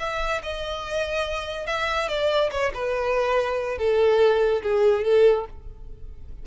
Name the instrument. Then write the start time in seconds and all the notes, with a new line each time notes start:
violin
0.00 E5
0.43 D#5
1.66 E5
2.09 D5
2.51 C#5
2.74 B4
3.78 A4
4.62 G#4
5.04 A4